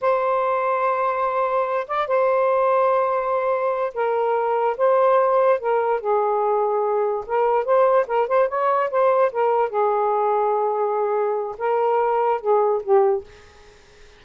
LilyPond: \new Staff \with { instrumentName = "saxophone" } { \time 4/4 \tempo 4 = 145 c''1~ | c''8 d''8 c''2.~ | c''4. ais'2 c''8~ | c''4. ais'4 gis'4.~ |
gis'4. ais'4 c''4 ais'8 | c''8 cis''4 c''4 ais'4 gis'8~ | gis'1 | ais'2 gis'4 g'4 | }